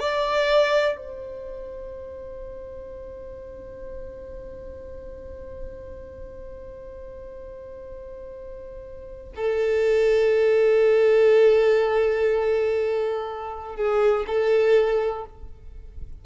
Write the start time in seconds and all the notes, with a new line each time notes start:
0.00 D5
0.97 C5
9.36 A4
13.76 G#4
14.27 A4